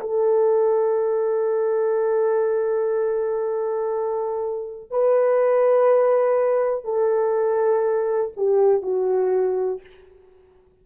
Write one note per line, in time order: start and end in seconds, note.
0.00 4.90 A4
4.90 6.84 B4
6.84 8.32 A4
8.37 8.82 G4
8.82 9.80 F#4